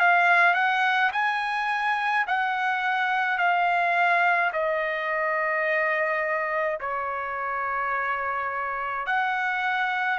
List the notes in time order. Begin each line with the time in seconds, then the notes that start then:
0.00 F5
0.55 F#5
1.13 G#5
2.27 F#5
3.39 F5
4.53 D#5
6.81 C#5
9.07 F#5